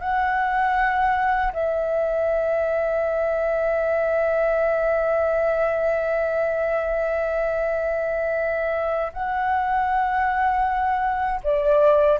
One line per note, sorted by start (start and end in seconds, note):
0.00 1.52 F#5
1.53 9.12 E5
9.13 11.41 F#5
11.43 12.19 D5